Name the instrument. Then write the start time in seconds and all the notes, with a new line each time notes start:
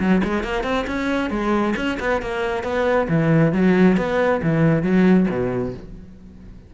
cello
0.00 F#3
0.24 G#3
0.44 A#3
0.64 C4
0.87 C#4
1.31 G#3
1.76 C#4
2.00 B3
2.22 A#3
2.64 B3
3.09 E3
3.53 F#3
3.97 B3
4.43 E3
4.83 F#3
5.30 B2